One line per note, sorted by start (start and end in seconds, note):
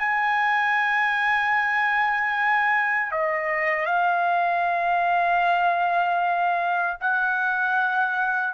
0.00 3.12 G#5
3.12 3.86 D#5
3.86 6.98 F5
7.00 8.54 F#5